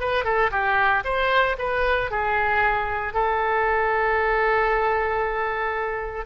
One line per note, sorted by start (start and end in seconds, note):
0.00 0.24 B4
0.24 0.50 A4
0.51 1.03 G4
1.04 1.56 C5
1.58 2.11 B4
2.11 3.14 G#4
3.14 6.25 A4